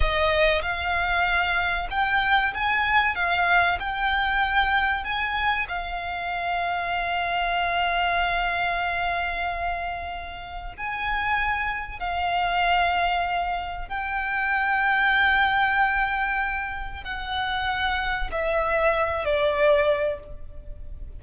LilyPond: \new Staff \with { instrumentName = "violin" } { \time 4/4 \tempo 4 = 95 dis''4 f''2 g''4 | gis''4 f''4 g''2 | gis''4 f''2.~ | f''1~ |
f''4 gis''2 f''4~ | f''2 g''2~ | g''2. fis''4~ | fis''4 e''4. d''4. | }